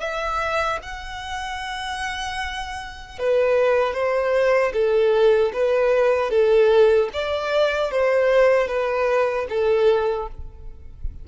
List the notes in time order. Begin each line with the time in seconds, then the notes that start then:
0.00 E5
0.83 F#5
3.19 B4
3.93 C5
4.73 A4
5.53 B4
6.30 A4
7.13 D5
7.91 C5
8.67 B4
9.49 A4